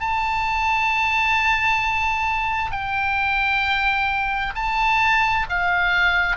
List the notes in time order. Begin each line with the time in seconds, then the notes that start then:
0.00 A5
2.71 G5
4.55 A5
5.49 F5